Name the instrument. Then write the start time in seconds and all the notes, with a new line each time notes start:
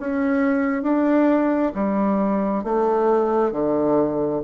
bassoon
0.00 C#4
0.83 D4
1.75 G3
2.64 A3
3.52 D3